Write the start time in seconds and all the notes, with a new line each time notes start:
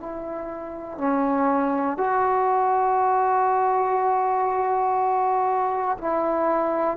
0.00 E4
0.98 C#4
1.98 F#4
5.98 E4